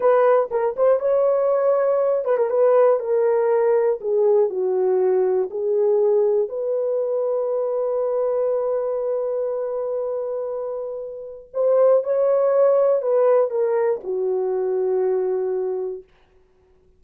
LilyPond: \new Staff \with { instrumentName = "horn" } { \time 4/4 \tempo 4 = 120 b'4 ais'8 c''8 cis''2~ | cis''8 b'16 ais'16 b'4 ais'2 | gis'4 fis'2 gis'4~ | gis'4 b'2.~ |
b'1~ | b'2. c''4 | cis''2 b'4 ais'4 | fis'1 | }